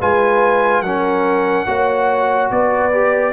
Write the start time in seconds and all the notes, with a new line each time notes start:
0.00 G#3 F4 B4 G#5
0.82 F#3 C#4 A#4 F#5
1.67 A#3 F#4 C#5
2.51 B3 B4 D5
2.92 G4